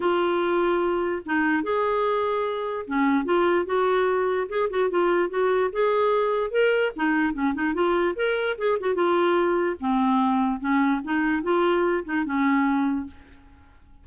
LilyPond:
\new Staff \with { instrumentName = "clarinet" } { \time 4/4 \tempo 4 = 147 f'2. dis'4 | gis'2. cis'4 | f'4 fis'2 gis'8 fis'8 | f'4 fis'4 gis'2 |
ais'4 dis'4 cis'8 dis'8 f'4 | ais'4 gis'8 fis'8 f'2 | c'2 cis'4 dis'4 | f'4. dis'8 cis'2 | }